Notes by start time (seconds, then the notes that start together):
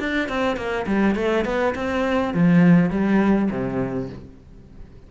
0.00 D4
0.29 C4
0.57 A#3
0.87 G3
1.16 A3
1.45 B3
1.76 C4
2.34 F3
2.91 G3
3.51 C3